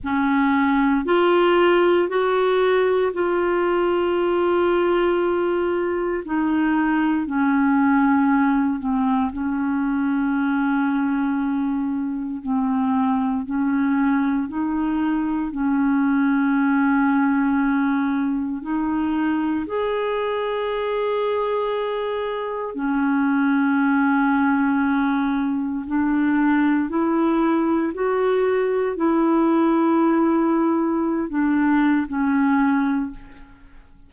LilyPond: \new Staff \with { instrumentName = "clarinet" } { \time 4/4 \tempo 4 = 58 cis'4 f'4 fis'4 f'4~ | f'2 dis'4 cis'4~ | cis'8 c'8 cis'2. | c'4 cis'4 dis'4 cis'4~ |
cis'2 dis'4 gis'4~ | gis'2 cis'2~ | cis'4 d'4 e'4 fis'4 | e'2~ e'16 d'8. cis'4 | }